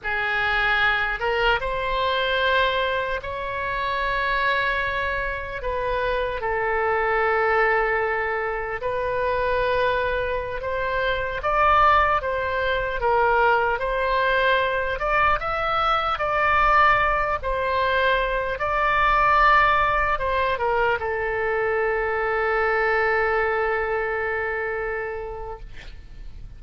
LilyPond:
\new Staff \with { instrumentName = "oboe" } { \time 4/4 \tempo 4 = 75 gis'4. ais'8 c''2 | cis''2. b'4 | a'2. b'4~ | b'4~ b'16 c''4 d''4 c''8.~ |
c''16 ais'4 c''4. d''8 e''8.~ | e''16 d''4. c''4. d''8.~ | d''4~ d''16 c''8 ais'8 a'4.~ a'16~ | a'1 | }